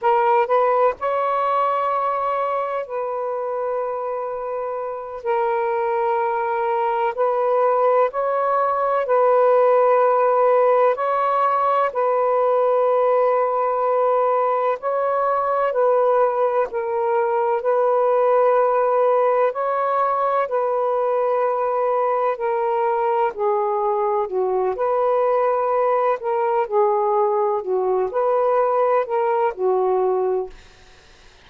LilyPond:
\new Staff \with { instrumentName = "saxophone" } { \time 4/4 \tempo 4 = 63 ais'8 b'8 cis''2 b'4~ | b'4. ais'2 b'8~ | b'8 cis''4 b'2 cis''8~ | cis''8 b'2. cis''8~ |
cis''8 b'4 ais'4 b'4.~ | b'8 cis''4 b'2 ais'8~ | ais'8 gis'4 fis'8 b'4. ais'8 | gis'4 fis'8 b'4 ais'8 fis'4 | }